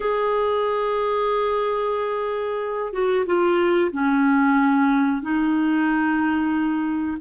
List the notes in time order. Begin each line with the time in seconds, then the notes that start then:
0.00 G#4
2.92 F#4
3.26 F4
3.92 C#4
5.22 D#4